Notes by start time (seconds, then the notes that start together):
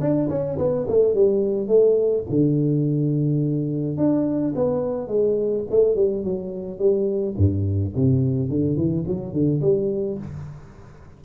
0.00 D4
0.29 C#4
0.58 B3
0.87 A3
1.14 G3
1.67 A3
2.29 D3
3.97 D4
4.55 B3
5.07 G#3
5.70 A3
5.95 G3
6.23 F#3
6.78 G3
7.37 G2
7.95 C3
8.49 D3
8.76 E3
9.07 F#3
9.32 D3
9.61 G3